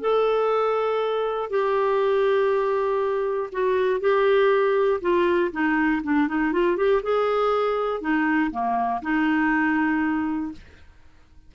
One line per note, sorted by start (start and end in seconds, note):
0.00 1.50 A4
1.50 3.50 G4
3.52 4.00 F#4
4.00 5.00 G4
5.01 5.51 F4
5.52 6.02 D#4
6.03 6.28 D4
6.28 6.52 D#4
6.52 6.76 F4
6.76 7.01 G4
7.02 8.00 G#4
8.00 8.50 D#4
8.51 9.01 A#3
9.02 10.52 D#4